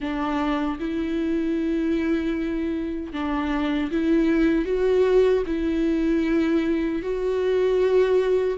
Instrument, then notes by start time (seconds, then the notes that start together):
viola
0.00 D4
0.79 E4
3.12 D4
3.91 E4
4.65 F#4
5.46 E4
7.02 F#4